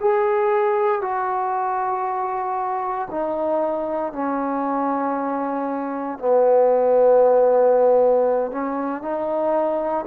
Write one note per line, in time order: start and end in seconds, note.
0.00 1.01 G#4
1.01 3.08 F#4
3.10 4.12 D#4
4.12 6.18 C#4
6.18 8.51 B3
8.51 9.01 C#4
9.01 10.05 D#4